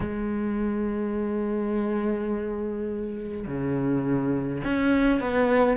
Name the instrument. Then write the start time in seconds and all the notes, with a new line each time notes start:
cello
0.00 G#3
3.47 C#3
4.64 C#4
5.20 B3